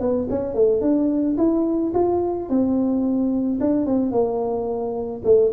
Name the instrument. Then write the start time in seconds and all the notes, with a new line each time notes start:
tuba
0.00 B3
0.30 C#4
0.54 A3
0.81 D4
1.38 E4
1.94 F4
2.49 C4
3.60 D4
3.86 C4
4.12 A#3
5.24 A3